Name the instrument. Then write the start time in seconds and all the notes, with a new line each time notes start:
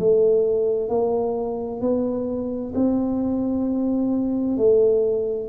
tuba
0.00 A3
0.89 A#3
1.81 B3
2.75 C4
4.58 A3